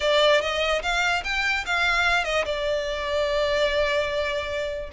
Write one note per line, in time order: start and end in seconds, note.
0.00 0.41 D5
0.41 0.82 D#5
0.82 1.23 F5
1.24 1.64 G5
1.65 2.24 F5
2.24 2.44 D#5
2.45 4.90 D5